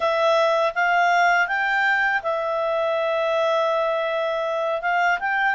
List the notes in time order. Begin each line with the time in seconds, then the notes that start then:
0.00 E5
0.74 F5
1.47 G5
2.22 E5
4.81 F5
5.19 G5